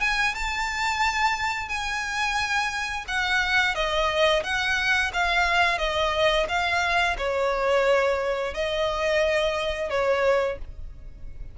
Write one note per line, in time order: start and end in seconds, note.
0.00 0.34 G#5
0.34 1.68 A5
1.68 3.04 G#5
3.07 3.74 F#5
3.74 4.43 D#5
4.43 5.11 F#5
5.13 5.78 F5
5.78 6.46 D#5
6.48 7.16 F5
7.17 8.54 C#5
8.54 9.90 D#5
9.90 10.58 C#5